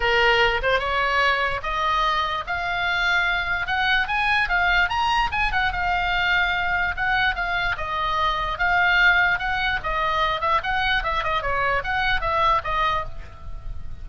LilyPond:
\new Staff \with { instrumentName = "oboe" } { \time 4/4 \tempo 4 = 147 ais'4. c''8 cis''2 | dis''2 f''2~ | f''4 fis''4 gis''4 f''4 | ais''4 gis''8 fis''8 f''2~ |
f''4 fis''4 f''4 dis''4~ | dis''4 f''2 fis''4 | dis''4. e''8 fis''4 e''8 dis''8 | cis''4 fis''4 e''4 dis''4 | }